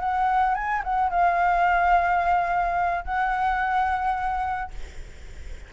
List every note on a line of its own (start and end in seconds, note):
0.00 0.55 F#5
0.55 0.83 G#5
0.84 1.11 F#5
1.11 3.05 F5
3.05 4.71 F#5